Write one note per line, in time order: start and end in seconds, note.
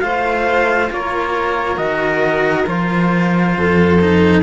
0.00 0.90 A3
0.00 1.76 F4
0.00 0.92 C5
0.00 0.88 F5
0.91 1.77 A#3
0.91 3.57 A#4
0.91 1.78 C#5
1.76 2.66 D#3
1.76 2.64 F#4
1.76 2.66 D#5
2.66 3.56 F3
2.66 3.99 F4
2.66 4.42 C5
3.57 4.42 F2
3.57 4.42 A4
4.01 4.42 D#4